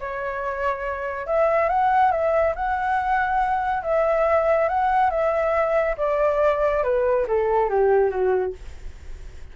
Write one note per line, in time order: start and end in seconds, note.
0.00 1.27 C#5
1.27 1.69 E5
1.69 2.12 F#5
2.12 2.54 E5
2.56 3.83 F#5
3.83 4.69 E5
4.69 5.10 F#5
5.10 5.96 E5
5.98 6.83 D5
6.84 7.26 B4
7.28 7.69 A4
7.69 8.10 G4
8.10 8.53 F#4